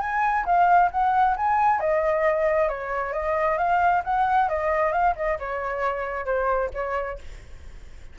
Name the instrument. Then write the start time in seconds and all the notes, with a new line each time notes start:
flute
0.00 G#5
0.45 F5
0.91 F#5
1.36 G#5
1.80 D#5
2.68 C#5
3.13 D#5
3.58 F5
4.04 F#5
4.48 D#5
4.92 F5
5.16 D#5
5.39 C#5
6.25 C5
6.73 C#5